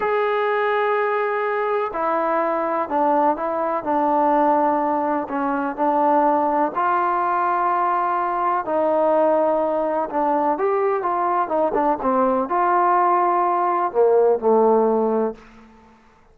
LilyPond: \new Staff \with { instrumentName = "trombone" } { \time 4/4 \tempo 4 = 125 gis'1 | e'2 d'4 e'4 | d'2. cis'4 | d'2 f'2~ |
f'2 dis'2~ | dis'4 d'4 g'4 f'4 | dis'8 d'8 c'4 f'2~ | f'4 ais4 a2 | }